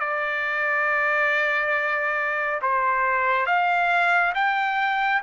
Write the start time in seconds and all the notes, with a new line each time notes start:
0.00 D5
2.62 C5
3.47 F5
4.35 G5